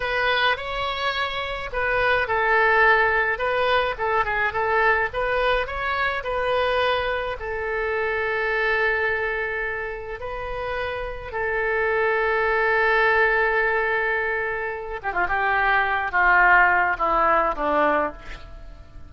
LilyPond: \new Staff \with { instrumentName = "oboe" } { \time 4/4 \tempo 4 = 106 b'4 cis''2 b'4 | a'2 b'4 a'8 gis'8 | a'4 b'4 cis''4 b'4~ | b'4 a'2.~ |
a'2 b'2 | a'1~ | a'2~ a'8 g'16 f'16 g'4~ | g'8 f'4. e'4 d'4 | }